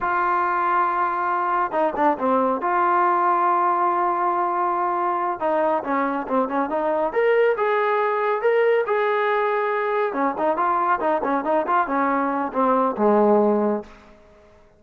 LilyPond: \new Staff \with { instrumentName = "trombone" } { \time 4/4 \tempo 4 = 139 f'1 | dis'8 d'8 c'4 f'2~ | f'1~ | f'8 dis'4 cis'4 c'8 cis'8 dis'8~ |
dis'8 ais'4 gis'2 ais'8~ | ais'8 gis'2. cis'8 | dis'8 f'4 dis'8 cis'8 dis'8 f'8 cis'8~ | cis'4 c'4 gis2 | }